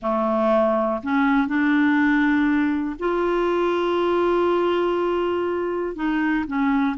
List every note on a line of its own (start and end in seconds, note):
0.01 1.01 A3
1.03 1.47 C#4
1.47 2.96 D4
2.99 5.95 F4
5.95 6.45 D#4
6.46 6.96 C#4